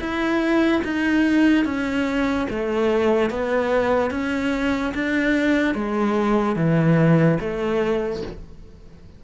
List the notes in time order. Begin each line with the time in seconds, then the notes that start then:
0.00 E4
0.85 D#4
1.66 C#4
2.50 A3
3.31 B3
4.11 C#4
4.95 D4
5.75 G#3
6.56 E3
7.40 A3